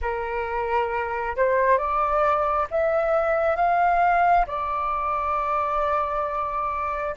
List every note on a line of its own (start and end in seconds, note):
0.01 1.36 A#4
1.36 1.77 C5
1.77 2.67 D5
2.70 3.56 E5
3.56 4.45 F5
4.47 7.15 D5